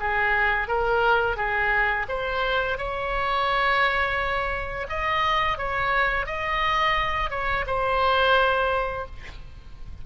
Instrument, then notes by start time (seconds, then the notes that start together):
oboe
0.00 G#4
0.68 A#4
1.37 G#4
2.09 C5
2.78 C#5
4.89 D#5
5.58 C#5
6.26 D#5
7.31 C#5
7.67 C5